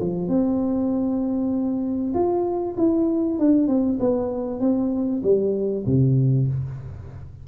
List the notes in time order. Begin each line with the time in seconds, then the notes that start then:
0.00 F3
0.28 C4
2.14 F4
2.77 E4
3.39 D4
3.68 C4
4.00 B3
4.60 C4
5.23 G3
5.86 C3